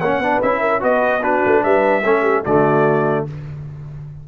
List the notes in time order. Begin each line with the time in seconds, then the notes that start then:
0.00 A#3 C#4 C#5 F#5
0.18 B3 D4 B4
0.42 C#4 E4 E5
0.60 A#4
0.80 B3 F#4 B4 D#5
1.22 D4 F#4 B4
1.46 A3
1.63 G3 B4 E5
2.03 A3 C#4 A4
2.22 G4
2.44 D3 A3 F#4 D5